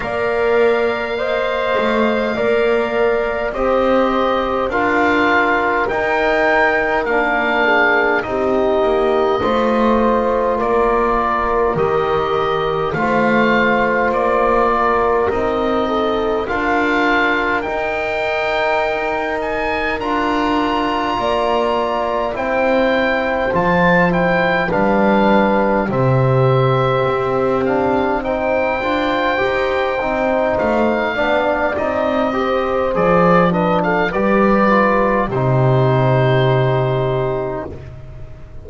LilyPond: <<
  \new Staff \with { instrumentName = "oboe" } { \time 4/4 \tempo 4 = 51 f''2. dis''4 | f''4 g''4 f''4 dis''4~ | dis''4 d''4 dis''4 f''4 | d''4 dis''4 f''4 g''4~ |
g''8 gis''8 ais''2 g''4 | a''8 g''8 f''4 e''4. f''8 | g''2 f''4 dis''4 | d''8 dis''16 f''16 d''4 c''2 | }
  \new Staff \with { instrumentName = "horn" } { \time 4/4 d''4 dis''4 d''4 c''4 | ais'2~ ais'8 gis'8 g'4 | c''4 ais'2 c''4~ | c''8 ais'4 a'8 ais'2~ |
ais'2 d''4 c''4~ | c''4 b'4 g'2 | c''2~ c''8 d''4 c''8~ | c''8 b'16 a'16 b'4 g'2 | }
  \new Staff \with { instrumentName = "trombone" } { \time 4/4 ais'4 c''4 ais'4 g'4 | f'4 dis'4 d'4 dis'4 | f'2 g'4 f'4~ | f'4 dis'4 f'4 dis'4~ |
dis'4 f'2 e'4 | f'8 e'8 d'4 c'4. d'8 | dis'8 f'8 g'8 dis'4 d'8 dis'8 g'8 | gis'8 d'8 g'8 f'8 dis'2 | }
  \new Staff \with { instrumentName = "double bass" } { \time 4/4 ais4. a8 ais4 c'4 | d'4 dis'4 ais4 c'8 ais8 | a4 ais4 dis4 a4 | ais4 c'4 d'4 dis'4~ |
dis'4 d'4 ais4 c'4 | f4 g4 c4 c'4~ | c'8 d'8 dis'8 c'8 a8 b8 c'4 | f4 g4 c2 | }
>>